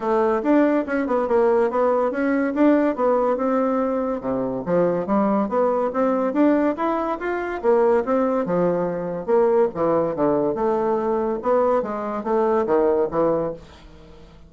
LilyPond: \new Staff \with { instrumentName = "bassoon" } { \time 4/4 \tempo 4 = 142 a4 d'4 cis'8 b8 ais4 | b4 cis'4 d'4 b4 | c'2 c4 f4 | g4 b4 c'4 d'4 |
e'4 f'4 ais4 c'4 | f2 ais4 e4 | d4 a2 b4 | gis4 a4 dis4 e4 | }